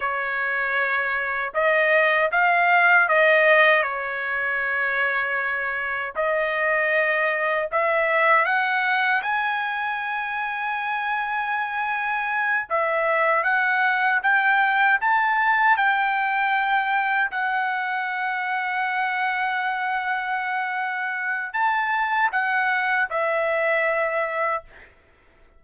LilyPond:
\new Staff \with { instrumentName = "trumpet" } { \time 4/4 \tempo 4 = 78 cis''2 dis''4 f''4 | dis''4 cis''2. | dis''2 e''4 fis''4 | gis''1~ |
gis''8 e''4 fis''4 g''4 a''8~ | a''8 g''2 fis''4.~ | fis''1 | a''4 fis''4 e''2 | }